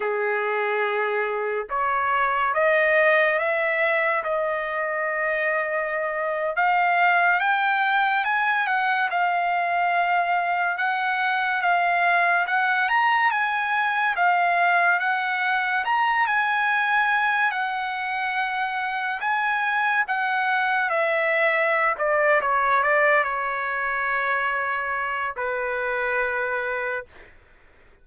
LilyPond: \new Staff \with { instrumentName = "trumpet" } { \time 4/4 \tempo 4 = 71 gis'2 cis''4 dis''4 | e''4 dis''2~ dis''8. f''16~ | f''8. g''4 gis''8 fis''8 f''4~ f''16~ | f''8. fis''4 f''4 fis''8 ais''8 gis''16~ |
gis''8. f''4 fis''4 ais''8 gis''8.~ | gis''8. fis''2 gis''4 fis''16~ | fis''8. e''4~ e''16 d''8 cis''8 d''8 cis''8~ | cis''2 b'2 | }